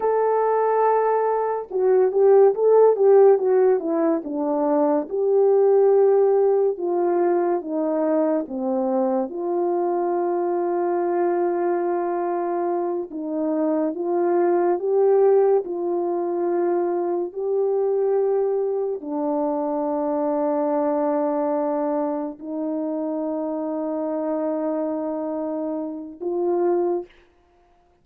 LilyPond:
\new Staff \with { instrumentName = "horn" } { \time 4/4 \tempo 4 = 71 a'2 fis'8 g'8 a'8 g'8 | fis'8 e'8 d'4 g'2 | f'4 dis'4 c'4 f'4~ | f'2.~ f'8 dis'8~ |
dis'8 f'4 g'4 f'4.~ | f'8 g'2 d'4.~ | d'2~ d'8 dis'4.~ | dis'2. f'4 | }